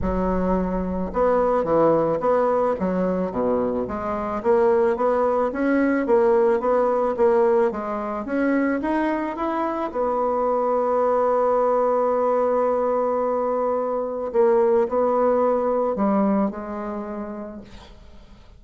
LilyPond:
\new Staff \with { instrumentName = "bassoon" } { \time 4/4 \tempo 4 = 109 fis2 b4 e4 | b4 fis4 b,4 gis4 | ais4 b4 cis'4 ais4 | b4 ais4 gis4 cis'4 |
dis'4 e'4 b2~ | b1~ | b2 ais4 b4~ | b4 g4 gis2 | }